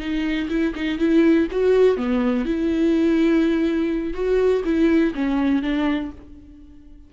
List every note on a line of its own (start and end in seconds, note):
0.00 0.49 D#4
0.49 0.74 E4
0.75 0.99 D#4
0.99 1.48 E4
1.51 1.97 F#4
1.97 2.45 B3
2.45 4.14 E4
4.14 4.63 F#4
4.65 5.14 E4
5.15 5.62 C#4
5.62 6.11 D4